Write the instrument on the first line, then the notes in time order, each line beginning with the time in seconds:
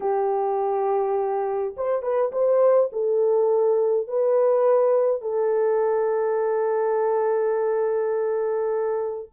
horn
0.00 G4
1.76 C5
2.02 B4
2.32 C5
2.92 A4
4.07 B4
5.21 A4